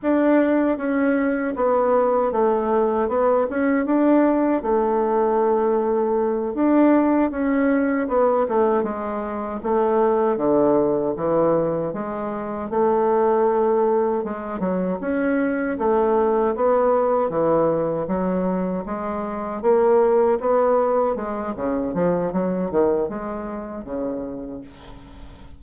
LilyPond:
\new Staff \with { instrumentName = "bassoon" } { \time 4/4 \tempo 4 = 78 d'4 cis'4 b4 a4 | b8 cis'8 d'4 a2~ | a8 d'4 cis'4 b8 a8 gis8~ | gis8 a4 d4 e4 gis8~ |
gis8 a2 gis8 fis8 cis'8~ | cis'8 a4 b4 e4 fis8~ | fis8 gis4 ais4 b4 gis8 | cis8 f8 fis8 dis8 gis4 cis4 | }